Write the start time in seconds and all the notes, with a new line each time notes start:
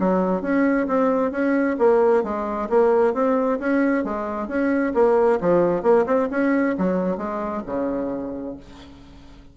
0.00 F#3
0.42 C#4
0.88 C4
1.32 C#4
1.79 A#3
2.24 G#3
2.70 A#3
3.14 C4
3.60 C#4
4.05 G#3
4.48 C#4
4.95 A#3
5.41 F3
5.83 A#3
6.07 C4
6.31 C#4
6.78 F#3
7.18 G#3
7.67 C#3